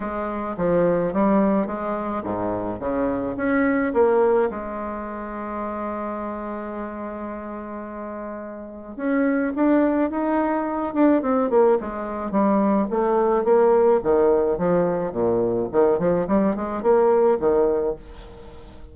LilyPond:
\new Staff \with { instrumentName = "bassoon" } { \time 4/4 \tempo 4 = 107 gis4 f4 g4 gis4 | gis,4 cis4 cis'4 ais4 | gis1~ | gis1 |
cis'4 d'4 dis'4. d'8 | c'8 ais8 gis4 g4 a4 | ais4 dis4 f4 ais,4 | dis8 f8 g8 gis8 ais4 dis4 | }